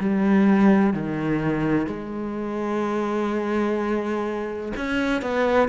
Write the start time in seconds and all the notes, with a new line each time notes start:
0.00 G3
0.94 D#3
1.87 G#3
4.77 C#4
5.22 B3